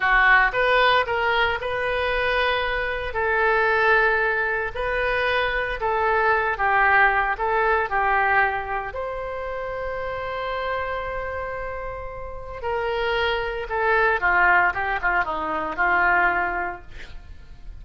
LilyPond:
\new Staff \with { instrumentName = "oboe" } { \time 4/4 \tempo 4 = 114 fis'4 b'4 ais'4 b'4~ | b'2 a'2~ | a'4 b'2 a'4~ | a'8 g'4. a'4 g'4~ |
g'4 c''2.~ | c''1 | ais'2 a'4 f'4 | g'8 f'8 dis'4 f'2 | }